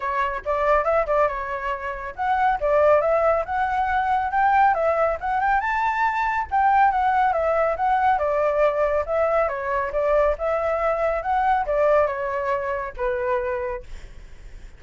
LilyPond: \new Staff \with { instrumentName = "flute" } { \time 4/4 \tempo 4 = 139 cis''4 d''4 e''8 d''8 cis''4~ | cis''4 fis''4 d''4 e''4 | fis''2 g''4 e''4 | fis''8 g''8 a''2 g''4 |
fis''4 e''4 fis''4 d''4~ | d''4 e''4 cis''4 d''4 | e''2 fis''4 d''4 | cis''2 b'2 | }